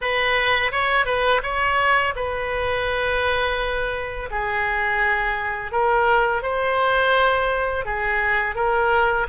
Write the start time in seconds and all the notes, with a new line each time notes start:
0.01 B4
0.71 C#5
1.05 B4
1.42 C#5
2.15 B4
4.30 G#4
5.71 A#4
6.42 C5
7.85 G#4
8.55 A#4